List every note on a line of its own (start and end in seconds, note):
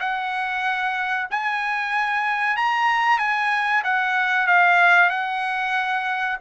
0.00 1.28 F#5
1.31 2.57 G#5
2.57 3.19 A#5
3.19 3.83 G#5
3.84 4.47 F#5
4.47 5.10 F5
5.10 6.38 F#5